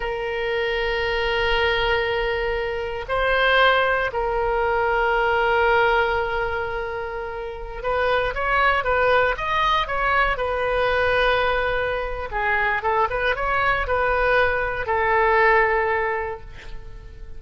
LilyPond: \new Staff \with { instrumentName = "oboe" } { \time 4/4 \tempo 4 = 117 ais'1~ | ais'2 c''2 | ais'1~ | ais'2.~ ais'16 b'8.~ |
b'16 cis''4 b'4 dis''4 cis''8.~ | cis''16 b'2.~ b'8. | gis'4 a'8 b'8 cis''4 b'4~ | b'4 a'2. | }